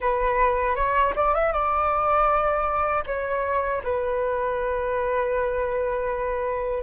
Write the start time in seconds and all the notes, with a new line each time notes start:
0.00 B4
0.75 C#5
1.15 D5
1.34 E5
1.52 D5
3.06 C#5
3.83 B4